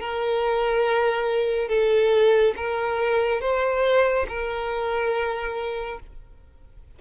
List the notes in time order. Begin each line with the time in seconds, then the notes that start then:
0.00 A#4
1.69 A4
2.56 A#4
3.41 C5
4.28 A#4